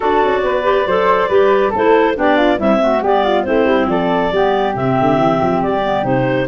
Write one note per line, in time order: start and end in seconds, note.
0.00 0.23 D4
0.00 0.63 F#4
0.00 0.41 A4
0.00 1.74 D5
0.24 0.42 C#4
0.42 0.85 B3
0.42 0.87 B4
0.63 0.84 G4
0.85 1.29 F#3
0.85 1.29 A4
0.85 1.28 C5
1.28 1.72 G3
1.28 1.72 G4
1.28 1.70 B4
1.70 2.17 A3
1.70 2.13 A4
1.70 2.18 C5
1.76 2.15 E4
2.15 2.60 B3
2.15 2.57 D4
2.15 2.36 G4
2.15 2.60 D5
2.36 2.58 F4
2.57 2.78 G3
2.57 3.01 C4
2.57 2.80 E4
2.57 3.03 E5
2.80 3.02 A3
2.80 3.03 F#4
3.01 3.44 G3
3.01 3.45 B3
3.01 3.23 G4
3.01 3.43 D5
3.23 3.45 F4
3.43 3.65 A3
3.43 4.31 C4
3.43 3.89 E4
3.43 3.86 C5
3.65 3.86 G3
3.86 4.29 F3
3.86 4.33 A4
3.86 4.75 D5
4.31 4.74 G3
4.31 4.73 B3
4.31 6.47 G4
4.73 4.96 C3
4.73 5.81 C4
4.73 5.62 E5
5.00 5.17 D3
5.17 5.39 E3
5.41 5.62 F3
5.62 6.04 G3
5.62 6.04 D5
5.82 6.03 B3
6.03 6.47 C3
6.03 6.46 D#4
6.03 6.47 C5